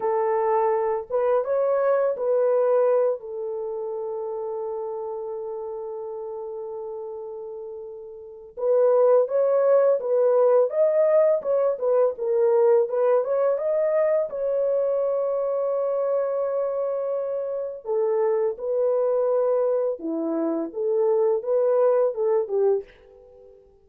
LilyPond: \new Staff \with { instrumentName = "horn" } { \time 4/4 \tempo 4 = 84 a'4. b'8 cis''4 b'4~ | b'8 a'2.~ a'8~ | a'1 | b'4 cis''4 b'4 dis''4 |
cis''8 b'8 ais'4 b'8 cis''8 dis''4 | cis''1~ | cis''4 a'4 b'2 | e'4 a'4 b'4 a'8 g'8 | }